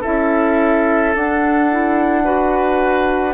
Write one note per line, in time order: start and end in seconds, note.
0.00 1.15 C#4
0.00 1.14 E4
0.00 2.22 A4
0.00 1.15 E5
1.15 3.34 D4
1.15 1.70 D4
1.15 3.34 F#5
1.70 2.23 E4
2.23 3.34 F#4
2.23 3.34 B4